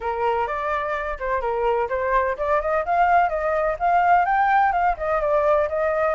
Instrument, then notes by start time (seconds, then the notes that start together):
flute
0.01 A#4
0.47 D5
1.19 C5
1.41 A#4
1.89 C5
2.37 D5
2.61 D#5
2.85 F5
3.29 D#5
3.79 F5
4.25 G5
4.72 F5
4.97 D#5
5.21 D5
5.68 D#5